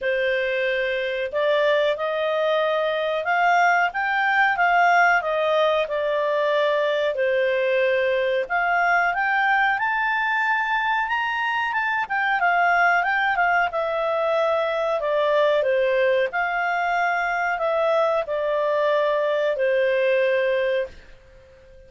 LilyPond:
\new Staff \with { instrumentName = "clarinet" } { \time 4/4 \tempo 4 = 92 c''2 d''4 dis''4~ | dis''4 f''4 g''4 f''4 | dis''4 d''2 c''4~ | c''4 f''4 g''4 a''4~ |
a''4 ais''4 a''8 g''8 f''4 | g''8 f''8 e''2 d''4 | c''4 f''2 e''4 | d''2 c''2 | }